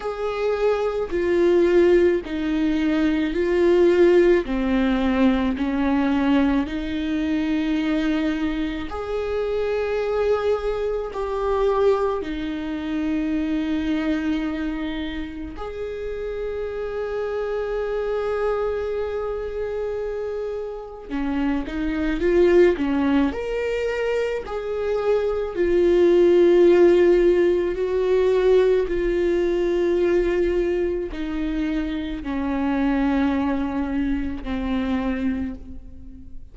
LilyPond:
\new Staff \with { instrumentName = "viola" } { \time 4/4 \tempo 4 = 54 gis'4 f'4 dis'4 f'4 | c'4 cis'4 dis'2 | gis'2 g'4 dis'4~ | dis'2 gis'2~ |
gis'2. cis'8 dis'8 | f'8 cis'8 ais'4 gis'4 f'4~ | f'4 fis'4 f'2 | dis'4 cis'2 c'4 | }